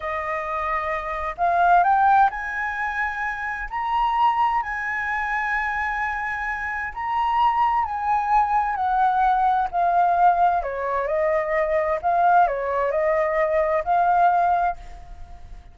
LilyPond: \new Staff \with { instrumentName = "flute" } { \time 4/4 \tempo 4 = 130 dis''2. f''4 | g''4 gis''2. | ais''2 gis''2~ | gis''2. ais''4~ |
ais''4 gis''2 fis''4~ | fis''4 f''2 cis''4 | dis''2 f''4 cis''4 | dis''2 f''2 | }